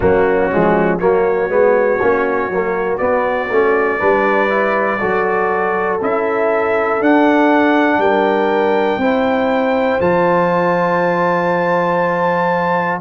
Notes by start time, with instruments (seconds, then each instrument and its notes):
0.00 tuba F#3, trombone A#3, horn C#4, trumpet F#4
0.50 tuba F3, trombone G#3
0.99 tuba F#3, trombone A#3, horn F#4, trumpet C#5
1.49 tuba G#3, trombone B3
2.01 tuba A#3, trombone C#4
2.49 tuba F#3, trombone A#3
2.97 trombone B3, tuba B3, trumpet D5
3.50 tuba A3, trombone C#4
3.99 tuba G3, trombone D4, horn B4
4.49 trombone E4
4.99 tuba F#3, trombone F#4, horn A4
6.01 tuba C#4, trombone E4, trumpet E5
7.00 tuba D4, trombone D4, trumpet F#5
7.98 tuba G3, horn A#4, trumpet G5
8.97 tuba C4, trombone E4, horn C5
10.00 tuba F3, trombone F4, trumpet A5